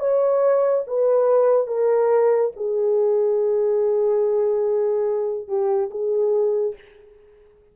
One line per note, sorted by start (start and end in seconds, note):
0.00 0.85 C#5
0.88 1.67 B4
1.67 2.52 A#4
2.57 5.48 G#4
5.48 5.90 G4
5.91 6.76 G#4